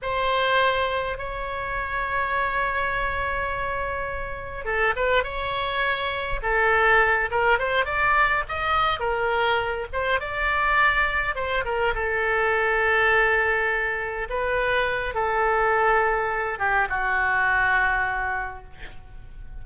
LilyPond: \new Staff \with { instrumentName = "oboe" } { \time 4/4 \tempo 4 = 103 c''2 cis''2~ | cis''1 | a'8 b'8 cis''2 a'4~ | a'8 ais'8 c''8 d''4 dis''4 ais'8~ |
ais'4 c''8 d''2 c''8 | ais'8 a'2.~ a'8~ | a'8 b'4. a'2~ | a'8 g'8 fis'2. | }